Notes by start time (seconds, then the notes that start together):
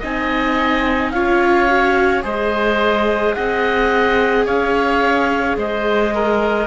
0.00 C4 D#4 D#5 G#5
1.11 C#4 F4 C#5 F5
1.69 F#4
2.22 G#3 G#4 C5 D#5
3.34 C4 D#5 F#5
4.46 C#4 C#5 F5
5.57 G#3 C5 D#5
6.15 A#4